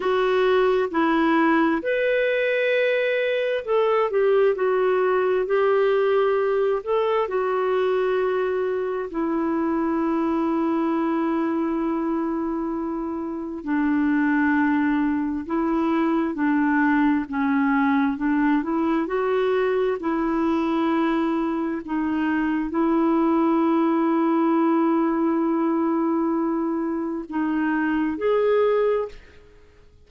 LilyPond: \new Staff \with { instrumentName = "clarinet" } { \time 4/4 \tempo 4 = 66 fis'4 e'4 b'2 | a'8 g'8 fis'4 g'4. a'8 | fis'2 e'2~ | e'2. d'4~ |
d'4 e'4 d'4 cis'4 | d'8 e'8 fis'4 e'2 | dis'4 e'2.~ | e'2 dis'4 gis'4 | }